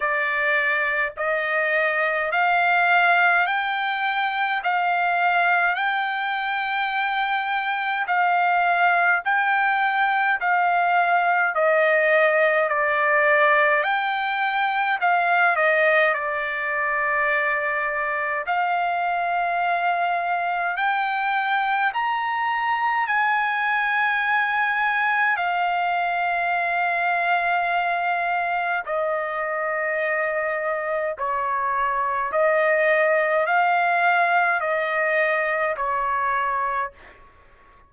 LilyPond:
\new Staff \with { instrumentName = "trumpet" } { \time 4/4 \tempo 4 = 52 d''4 dis''4 f''4 g''4 | f''4 g''2 f''4 | g''4 f''4 dis''4 d''4 | g''4 f''8 dis''8 d''2 |
f''2 g''4 ais''4 | gis''2 f''2~ | f''4 dis''2 cis''4 | dis''4 f''4 dis''4 cis''4 | }